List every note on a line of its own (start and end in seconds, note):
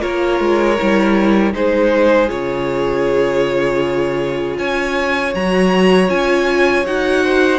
0.00 0.40 A#3
0.00 0.76 F4
0.00 1.53 A#4
0.00 1.53 C#5
0.40 0.78 G#3
0.79 1.53 G3
0.79 1.53 E4
1.53 2.29 G#3
1.53 2.28 D#4
1.53 4.59 G#4
1.53 2.29 C5
2.28 4.58 C#3
2.28 5.32 F4
2.28 4.57 C#5
4.58 5.34 C#4
4.58 7.24 C#5
4.58 5.34 G#5
5.34 6.09 F#3
5.34 6.08 F#4
5.34 6.09 A#5
6.08 6.85 C#4
6.08 6.84 F4
6.08 6.85 G#5
6.86 7.58 D#4
6.86 7.58 F#4
6.86 7.58 F#5
7.24 7.58 C5